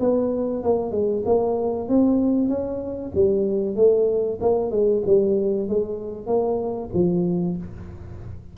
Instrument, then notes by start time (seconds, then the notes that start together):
tuba
0.00 B3
0.63 A#3
0.92 G#3
1.26 A#3
1.89 C4
2.49 C#4
3.15 G3
3.76 A3
4.42 A#3
4.71 G#3
5.06 G3
5.69 G#3
6.27 A#3
6.94 F3